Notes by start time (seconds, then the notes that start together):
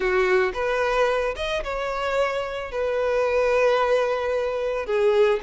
0.00 F#4
0.53 B4
1.36 D#5
1.63 C#5
2.71 B4
4.86 G#4